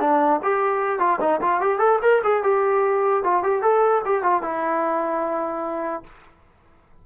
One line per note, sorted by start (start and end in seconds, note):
0.00 0.40 D4
0.43 0.99 G4
0.99 1.19 F4
1.20 1.41 D#4
1.41 1.61 F4
1.61 1.79 G4
1.79 1.99 A4
2.02 2.22 A#4
2.24 2.43 G#4
2.43 3.23 G4
3.23 3.43 F4
3.43 3.62 G4
3.62 4.02 A4
4.05 4.23 G4
4.23 4.43 F4
4.43 6.04 E4